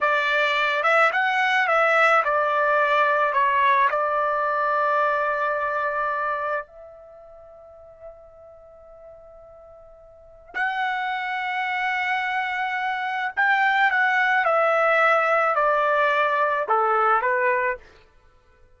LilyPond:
\new Staff \with { instrumentName = "trumpet" } { \time 4/4 \tempo 4 = 108 d''4. e''8 fis''4 e''4 | d''2 cis''4 d''4~ | d''1 | e''1~ |
e''2. fis''4~ | fis''1 | g''4 fis''4 e''2 | d''2 a'4 b'4 | }